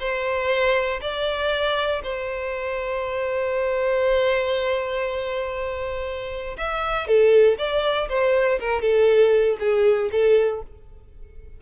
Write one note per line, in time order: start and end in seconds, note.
0.00 1.01 C5
1.02 2.03 D5
2.04 6.57 C5
6.58 7.07 E5
7.07 7.58 A4
7.58 8.09 D5
8.09 8.59 C5
8.60 8.82 A#4
8.82 9.58 A4
9.60 10.10 G#4
10.12 10.62 A4